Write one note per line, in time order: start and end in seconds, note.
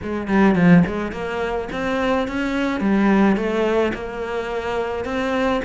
0.02 0.27 G#3
0.27 0.55 G3
0.55 0.83 F3
0.86 1.12 G#3
1.12 1.68 A#3
1.72 2.27 C4
2.27 2.80 C#4
2.80 3.36 G3
3.36 3.92 A3
3.94 5.05 A#3
5.05 5.61 C4